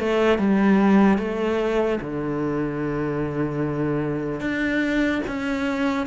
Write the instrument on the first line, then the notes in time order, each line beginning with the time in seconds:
cello
0.00 A3
0.39 G3
1.18 A3
2.01 D3
4.41 D4
5.27 C#4